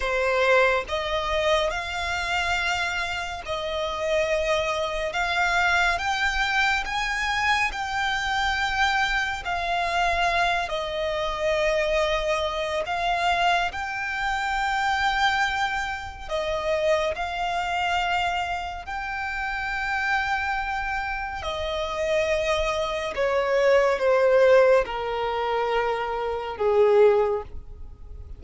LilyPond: \new Staff \with { instrumentName = "violin" } { \time 4/4 \tempo 4 = 70 c''4 dis''4 f''2 | dis''2 f''4 g''4 | gis''4 g''2 f''4~ | f''8 dis''2~ dis''8 f''4 |
g''2. dis''4 | f''2 g''2~ | g''4 dis''2 cis''4 | c''4 ais'2 gis'4 | }